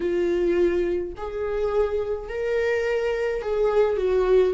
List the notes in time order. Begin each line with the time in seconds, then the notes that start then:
0.00 F4
1.16 G#4
2.28 A#4
3.42 G#4
3.96 F#4